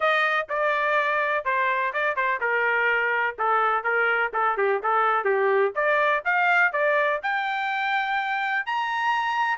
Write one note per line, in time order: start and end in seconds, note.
0.00 0.47 D#5
0.49 1.44 D5
1.44 1.92 C5
1.93 2.16 D5
2.16 2.40 C5
2.40 3.36 A#4
3.38 3.83 A4
3.83 4.31 A#4
4.33 4.57 A4
4.57 4.81 G4
4.82 5.24 A4
5.24 5.72 G4
5.75 6.23 D5
6.24 6.72 F5
6.72 7.20 D5
7.22 8.65 G5
8.65 9.58 A#5